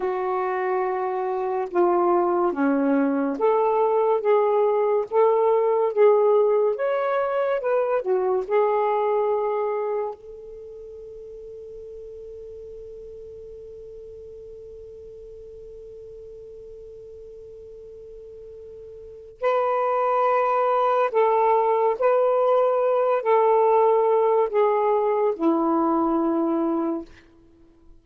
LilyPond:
\new Staff \with { instrumentName = "saxophone" } { \time 4/4 \tempo 4 = 71 fis'2 f'4 cis'4 | a'4 gis'4 a'4 gis'4 | cis''4 b'8 fis'8 gis'2 | a'1~ |
a'1~ | a'2. b'4~ | b'4 a'4 b'4. a'8~ | a'4 gis'4 e'2 | }